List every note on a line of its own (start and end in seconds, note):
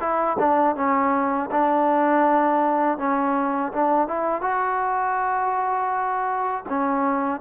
0.00 0.37 E4
0.39 0.76 D4
0.76 1.50 C#4
1.51 2.98 D4
2.98 3.72 C#4
3.72 4.07 D4
4.07 4.41 E4
4.41 6.64 F#4
6.69 7.40 C#4